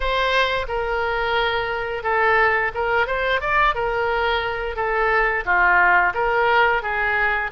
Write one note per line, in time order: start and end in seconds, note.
0.00 0.66 C5
0.68 2.03 A#4
2.03 2.71 A4
2.74 3.07 A#4
3.07 3.41 C5
3.41 3.74 D5
3.74 4.75 A#4
4.75 5.44 A4
5.45 6.13 F4
6.14 6.82 A#4
6.82 7.50 G#4